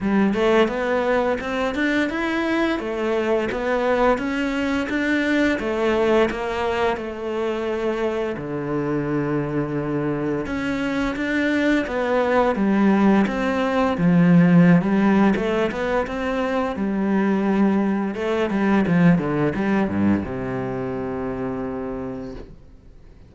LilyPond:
\new Staff \with { instrumentName = "cello" } { \time 4/4 \tempo 4 = 86 g8 a8 b4 c'8 d'8 e'4 | a4 b4 cis'4 d'4 | a4 ais4 a2 | d2. cis'4 |
d'4 b4 g4 c'4 | f4~ f16 g8. a8 b8 c'4 | g2 a8 g8 f8 d8 | g8 g,8 c2. | }